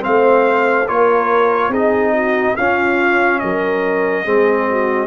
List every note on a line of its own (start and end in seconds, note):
0.00 0.85 C4
0.00 0.88 C5
0.00 0.88 F5
0.06 0.89 A3
0.88 1.68 A#3
0.88 1.72 F4
0.88 1.70 A#4
0.88 1.72 C#5
1.68 2.53 C4
1.68 2.57 D#4
1.68 2.12 G#4
1.68 2.56 D#5
2.13 2.55 F#4
2.56 3.42 C#4
2.56 4.25 C#4
2.56 3.41 F4
2.56 3.39 F5
3.39 4.26 F#3
3.39 4.24 A#4
3.39 5.07 D#5
4.24 5.07 G#3
4.24 5.07 C4
4.24 4.66 G#4
4.70 5.07 F#4